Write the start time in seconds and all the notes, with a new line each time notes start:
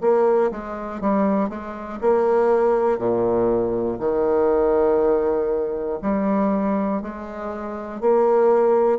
0.00 A#3
0.51 G#3
1.00 G3
1.49 G#3
2.01 A#3
2.98 A#2
3.99 D#3
6.01 G3
7.01 G#3
8.00 A#3